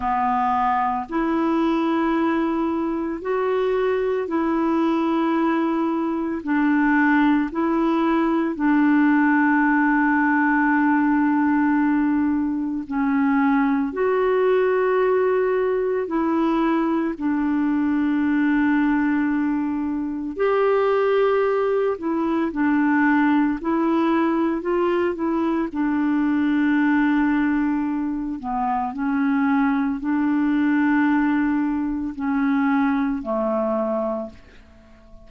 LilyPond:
\new Staff \with { instrumentName = "clarinet" } { \time 4/4 \tempo 4 = 56 b4 e'2 fis'4 | e'2 d'4 e'4 | d'1 | cis'4 fis'2 e'4 |
d'2. g'4~ | g'8 e'8 d'4 e'4 f'8 e'8 | d'2~ d'8 b8 cis'4 | d'2 cis'4 a4 | }